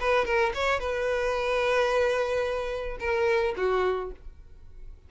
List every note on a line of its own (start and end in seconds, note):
0.00 0.25 B4
0.25 0.52 A#4
0.54 0.79 C#5
0.79 2.98 B4
3.00 3.54 A#4
3.56 4.11 F#4